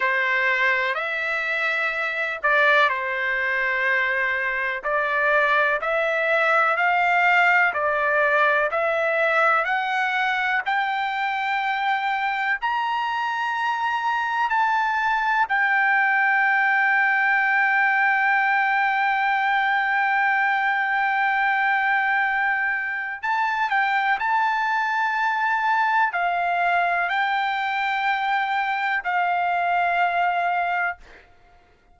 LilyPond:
\new Staff \with { instrumentName = "trumpet" } { \time 4/4 \tempo 4 = 62 c''4 e''4. d''8 c''4~ | c''4 d''4 e''4 f''4 | d''4 e''4 fis''4 g''4~ | g''4 ais''2 a''4 |
g''1~ | g''1 | a''8 g''8 a''2 f''4 | g''2 f''2 | }